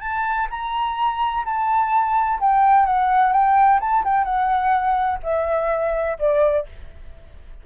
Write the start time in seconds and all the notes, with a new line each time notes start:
0.00 A5
0.50 A#5
1.45 A5
2.40 G5
2.85 F#5
3.32 G5
3.80 A5
4.04 G5
4.24 F#5
5.23 E5
6.19 D5